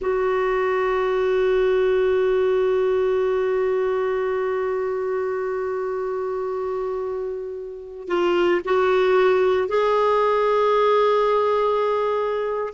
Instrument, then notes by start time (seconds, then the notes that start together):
clarinet
0.01 F#4
8.08 F4
8.64 F#4
9.68 G#4